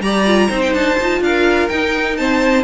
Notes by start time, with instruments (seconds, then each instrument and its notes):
0.00 cello G3, viola G4, violin D5 A#5
0.26 viola F4
0.48 cello C4, viola D#4, violin C5
0.61 violin G5
0.74 cello D4, violin A5
1.00 cello D#4, viola F4
1.21 cello D4, violin A#4 F5
1.68 viola D#4, cello D#4, violin G5
2.17 viola C4, violin C5 A5